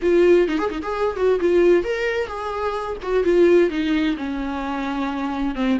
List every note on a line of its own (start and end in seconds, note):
0.02 0.48 F4
0.48 0.58 D#4
0.58 0.69 G#4
0.70 0.82 D#4
0.82 1.16 G#4
1.16 1.39 F#4
1.40 1.84 F4
1.84 2.27 A#4
2.27 2.96 G#4
3.02 3.23 F#4
3.23 3.69 F4
3.69 4.16 D#4
4.16 5.55 C#4
5.55 5.78 C4